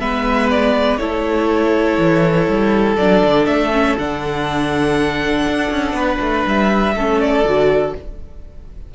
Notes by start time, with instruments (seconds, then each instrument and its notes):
0.00 cello G#3, viola B3, violin B4 E5
0.50 violin D5
0.97 cello A3, viola E4, violin A4 C#5
1.98 cello E3
2.49 cello G3
2.97 cello F#3, viola D4, violin D5
3.25 cello D3
3.46 cello A3, violin E5
3.72 viola C#4
3.98 cello D3, viola D4, violin F#5
5.48 cello D4
5.71 cello C#4
5.93 cello B3, violin B4
6.21 cello A3
6.46 cello G3, violin E5
6.95 cello A3, viola C#4, violin A4
7.21 violin D5
7.45 cello D3, viola F#4